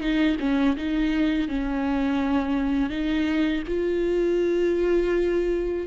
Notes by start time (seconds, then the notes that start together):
0.00 D#4
0.40 C#4
0.76 D#4
1.48 C#4
2.90 D#4
3.68 F4